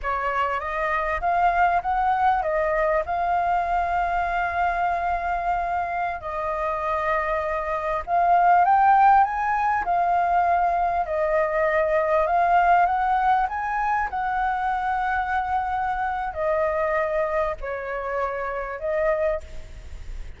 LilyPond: \new Staff \with { instrumentName = "flute" } { \time 4/4 \tempo 4 = 99 cis''4 dis''4 f''4 fis''4 | dis''4 f''2.~ | f''2~ f''16 dis''4.~ dis''16~ | dis''4~ dis''16 f''4 g''4 gis''8.~ |
gis''16 f''2 dis''4.~ dis''16~ | dis''16 f''4 fis''4 gis''4 fis''8.~ | fis''2. dis''4~ | dis''4 cis''2 dis''4 | }